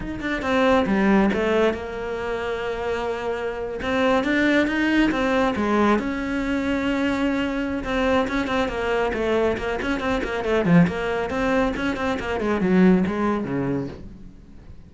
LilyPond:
\new Staff \with { instrumentName = "cello" } { \time 4/4 \tempo 4 = 138 dis'8 d'8 c'4 g4 a4 | ais1~ | ais8. c'4 d'4 dis'4 c'16~ | c'8. gis4 cis'2~ cis'16~ |
cis'2 c'4 cis'8 c'8 | ais4 a4 ais8 cis'8 c'8 ais8 | a8 f8 ais4 c'4 cis'8 c'8 | ais8 gis8 fis4 gis4 cis4 | }